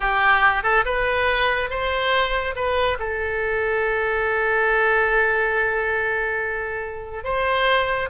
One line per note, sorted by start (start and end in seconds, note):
0.00 0.63 G4
0.63 0.84 A4
0.85 1.69 B4
1.69 2.55 C5
2.55 2.98 B4
2.99 7.24 A4
7.24 8.09 C5